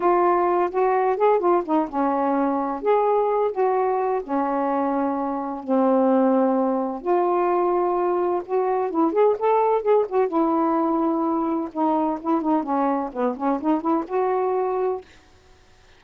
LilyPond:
\new Staff \with { instrumentName = "saxophone" } { \time 4/4 \tempo 4 = 128 f'4. fis'4 gis'8 f'8 dis'8 | cis'2 gis'4. fis'8~ | fis'4 cis'2. | c'2. f'4~ |
f'2 fis'4 e'8 gis'8 | a'4 gis'8 fis'8 e'2~ | e'4 dis'4 e'8 dis'8 cis'4 | b8 cis'8 dis'8 e'8 fis'2 | }